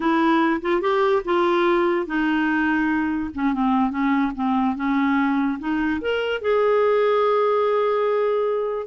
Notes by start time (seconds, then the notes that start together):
0.00 E4
0.61 F4
0.81 G4
1.25 F4
2.06 D#4
3.34 C#4
3.53 C4
3.90 C#4
4.35 C4
4.75 C#4
5.59 D#4
6.01 A#4
6.41 G#4